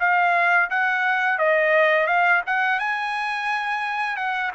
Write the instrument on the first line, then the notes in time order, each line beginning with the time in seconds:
trumpet
0.00 F5
0.70 F#5
1.39 D#5
2.07 F5
2.46 F#5
2.79 G#5
4.17 F#5